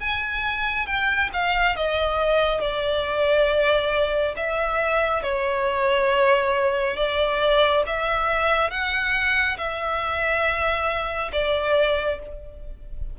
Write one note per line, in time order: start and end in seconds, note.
0.00 0.86 G#5
0.86 1.30 G5
1.33 1.76 F5
1.76 2.61 D#5
2.61 4.35 D5
4.36 5.23 E5
5.23 6.96 C#5
6.96 7.83 D5
7.87 8.70 E5
8.70 9.57 F#5
9.57 11.31 E5
11.32 12.19 D5